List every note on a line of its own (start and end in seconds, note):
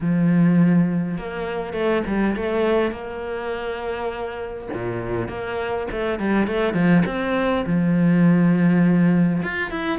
0.01 1.18 F3
1.18 1.73 A#3
1.73 2.02 A3
2.06 2.36 G3
2.36 2.91 A3
2.91 4.68 A#3
4.73 5.28 A#2
5.28 5.87 A#3
5.91 6.19 A3
6.19 6.47 G3
6.47 6.73 A3
6.73 7.03 F3
7.06 7.65 C4
7.66 9.42 F3
9.43 9.71 F4
9.71 9.98 E4